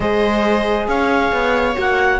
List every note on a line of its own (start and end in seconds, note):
0.00 0.87 G#3
0.00 1.75 G#4
0.00 0.89 C5
0.00 0.88 D#5
0.87 1.31 C#4
0.87 2.19 C#5
0.87 1.76 F5
1.32 1.76 B3
1.75 2.19 A#3
1.75 2.19 F#4
1.75 2.19 F#5